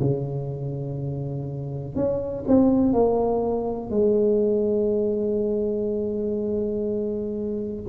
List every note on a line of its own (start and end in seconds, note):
0.00 1.96 C#3
1.96 2.45 C#4
2.48 2.93 C4
2.93 3.91 A#3
3.91 7.84 G#3